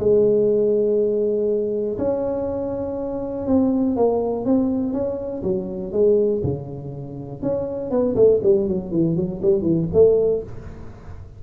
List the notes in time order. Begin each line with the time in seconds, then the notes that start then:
0.00 G#3
1.99 C#4
3.48 C4
3.97 A#3
4.46 C4
4.93 C#4
5.44 F#3
5.93 G#3
6.44 C#3
7.42 C#4
7.91 B3
8.16 A3
8.44 G3
8.68 F#3
8.92 E3
9.17 F#3
9.43 G3
9.62 E3
9.94 A3